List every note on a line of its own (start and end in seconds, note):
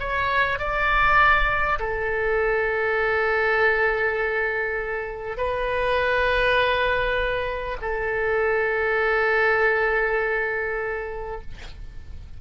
0.00 0.59 C#5
0.59 1.79 D5
1.79 5.38 A4
5.38 7.78 B4
7.82 11.42 A4